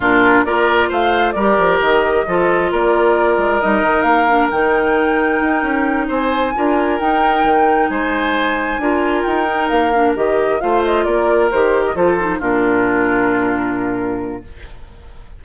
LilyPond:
<<
  \new Staff \with { instrumentName = "flute" } { \time 4/4 \tempo 4 = 133 ais'4 d''4 f''4 d''4 | dis''2 d''2 | dis''4 f''4 g''2~ | g''4. gis''2 g''8~ |
g''4. gis''2~ gis''8~ | gis''8 g''4 f''4 dis''4 f''8 | dis''8 d''4 c''8. dis''16 c''4 ais'8~ | ais'1 | }
  \new Staff \with { instrumentName = "oboe" } { \time 4/4 f'4 ais'4 c''4 ais'4~ | ais'4 a'4 ais'2~ | ais'1~ | ais'4. c''4 ais'4.~ |
ais'4. c''2 ais'8~ | ais'2.~ ais'8 c''8~ | c''8 ais'2 a'4 f'8~ | f'1 | }
  \new Staff \with { instrumentName = "clarinet" } { \time 4/4 d'4 f'2 g'4~ | g'4 f'2. | dis'4. d'8 dis'2~ | dis'2~ dis'8 f'4 dis'8~ |
dis'2.~ dis'8 f'8~ | f'4 dis'4 d'8 g'4 f'8~ | f'4. g'4 f'8 dis'8 d'8~ | d'1 | }
  \new Staff \with { instrumentName = "bassoon" } { \time 4/4 ais,4 ais4 a4 g8 f8 | dis4 f4 ais4. gis8 | g8 dis8 ais4 dis2 | dis'8 cis'4 c'4 d'4 dis'8~ |
dis'8 dis4 gis2 d'8~ | d'8 dis'4 ais4 dis4 a8~ | a8 ais4 dis4 f4 ais,8~ | ais,1 | }
>>